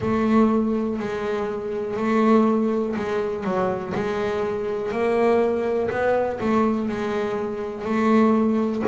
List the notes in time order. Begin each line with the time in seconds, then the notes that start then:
0.00 A3
0.99 G#3
1.97 A3
2.96 G#3
3.43 F#3
3.94 G#3
4.91 A#3
5.90 B3
6.40 A3
6.89 G#3
7.84 A3